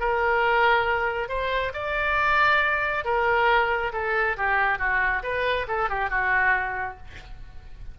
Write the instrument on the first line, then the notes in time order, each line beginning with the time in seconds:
oboe
0.00 A#4
1.29 C5
1.73 D5
3.05 A#4
3.93 A4
4.37 G4
4.79 F#4
5.23 B4
5.68 A4
5.89 G4
6.10 F#4